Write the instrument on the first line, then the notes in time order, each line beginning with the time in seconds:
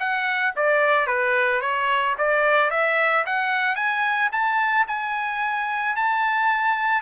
trumpet
0.00 F#5
0.56 D5
1.07 B4
1.62 C#5
2.18 D5
2.71 E5
3.26 F#5
3.76 G#5
4.32 A5
4.88 G#5
5.96 A5